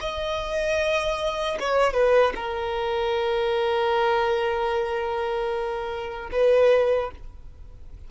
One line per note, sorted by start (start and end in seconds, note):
0.00 1.58 D#5
1.59 1.93 C#5
1.93 2.33 B4
2.35 6.30 A#4
6.32 7.11 B4